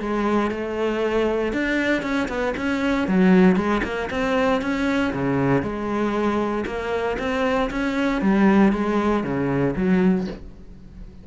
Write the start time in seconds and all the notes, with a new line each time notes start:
0.00 G#3
0.51 A3
1.53 D4
2.02 C#4
2.28 B3
2.57 C#4
3.07 F#3
3.56 G#3
3.83 A#3
4.10 C4
4.62 C#4
5.13 C#3
5.62 G#3
6.66 A#3
7.19 C4
7.70 C#4
8.22 G3
8.72 G#3
9.24 C#3
9.76 F#3